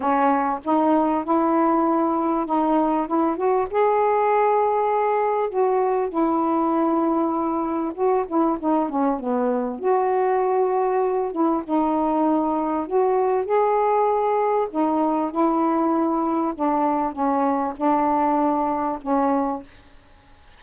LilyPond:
\new Staff \with { instrumentName = "saxophone" } { \time 4/4 \tempo 4 = 98 cis'4 dis'4 e'2 | dis'4 e'8 fis'8 gis'2~ | gis'4 fis'4 e'2~ | e'4 fis'8 e'8 dis'8 cis'8 b4 |
fis'2~ fis'8 e'8 dis'4~ | dis'4 fis'4 gis'2 | dis'4 e'2 d'4 | cis'4 d'2 cis'4 | }